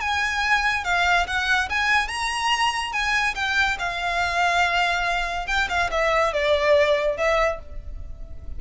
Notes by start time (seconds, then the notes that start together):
0.00 G#5
0.84 F5
1.27 F#5
1.69 G#5
2.08 A#5
2.92 G#5
3.35 G5
3.79 F5
5.47 G5
5.69 F5
5.91 E5
6.33 D5
7.17 E5